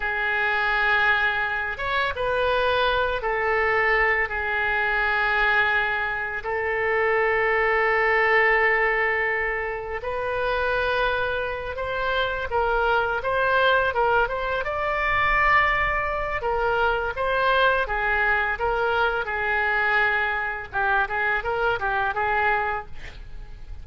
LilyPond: \new Staff \with { instrumentName = "oboe" } { \time 4/4 \tempo 4 = 84 gis'2~ gis'8 cis''8 b'4~ | b'8 a'4. gis'2~ | gis'4 a'2.~ | a'2 b'2~ |
b'8 c''4 ais'4 c''4 ais'8 | c''8 d''2~ d''8 ais'4 | c''4 gis'4 ais'4 gis'4~ | gis'4 g'8 gis'8 ais'8 g'8 gis'4 | }